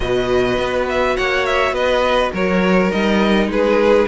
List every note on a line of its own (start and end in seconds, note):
0.00 0.58 B2
0.00 2.90 F#4
0.00 1.16 B4
0.00 0.85 D#5
0.58 1.16 B3
0.88 1.17 E5
1.16 1.71 A#3
1.16 1.73 C#5
1.16 1.45 F#5
1.45 1.74 E5
1.71 2.30 B3
1.71 2.32 B4
1.71 2.32 D#5
2.32 2.91 F#3
2.32 3.48 A#4
2.32 2.91 C#5
2.90 3.47 G3
2.90 4.06 D#4
2.90 3.49 D#5
3.47 4.05 G#3
3.47 4.07 G#4
3.47 4.07 B4